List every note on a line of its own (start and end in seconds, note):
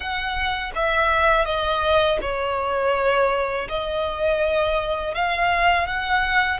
0.00 0.72 F#5
0.75 1.45 E5
1.45 2.18 D#5
2.22 3.68 C#5
3.69 5.14 D#5
5.14 5.87 F5
5.87 6.60 F#5